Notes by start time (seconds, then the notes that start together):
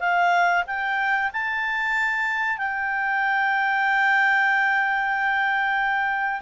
0.00 F5
0.67 G5
1.33 A5
2.58 G5